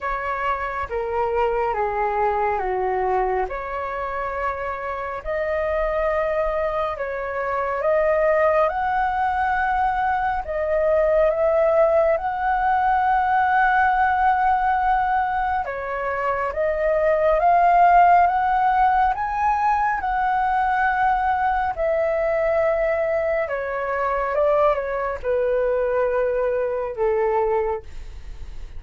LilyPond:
\new Staff \with { instrumentName = "flute" } { \time 4/4 \tempo 4 = 69 cis''4 ais'4 gis'4 fis'4 | cis''2 dis''2 | cis''4 dis''4 fis''2 | dis''4 e''4 fis''2~ |
fis''2 cis''4 dis''4 | f''4 fis''4 gis''4 fis''4~ | fis''4 e''2 cis''4 | d''8 cis''8 b'2 a'4 | }